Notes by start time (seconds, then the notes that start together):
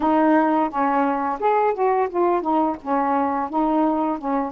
0.00 D#4
0.69 C#4
1.40 G#4
1.74 F#4
2.09 F4
2.41 D#4
2.82 C#4
3.49 D#4
4.18 C#4